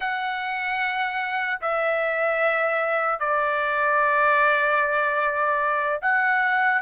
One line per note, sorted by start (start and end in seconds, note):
0.00 1.59 F#5
1.61 3.19 E5
3.19 5.99 D5
6.01 6.81 F#5